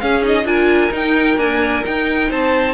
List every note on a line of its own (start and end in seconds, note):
0.00 0.22 C#4
0.00 0.44 C#4
0.00 0.47 G#4
0.00 0.23 F5
0.22 0.44 D#4
0.22 0.47 D#5
0.44 0.90 D4
0.44 0.90 F4
0.44 2.29 A#4
0.44 0.93 G#5
0.90 1.36 D#4
0.90 1.37 D#4
0.90 1.39 G5
1.37 1.83 A#3
1.37 1.83 D4
1.37 1.84 G#5
1.85 2.74 D#4
1.85 2.30 D#4
1.85 2.31 G5
2.29 2.74 C4
2.29 2.74 C5
2.29 2.74 A5